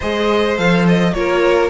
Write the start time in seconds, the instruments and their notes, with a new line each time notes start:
0.00 cello G#3, viola G#4, violin C5 D#5
0.57 cello F3, viola A4, violin F5
0.88 violin D#5
1.13 cello A#3, viola F4, violin A#4 C#5